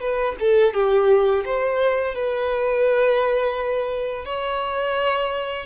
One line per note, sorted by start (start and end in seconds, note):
0.00 0.35 B4
0.39 0.73 A4
0.73 1.44 G4
1.45 2.14 C5
2.14 4.24 B4
4.24 5.65 C#5